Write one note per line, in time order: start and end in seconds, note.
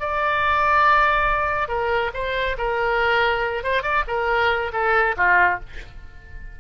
0.00 1.69 D5
1.69 2.11 A#4
2.14 2.57 C5
2.58 3.64 A#4
3.64 3.83 C5
3.83 4.04 D5
4.08 4.72 A#4
4.73 5.16 A4
5.17 5.60 F4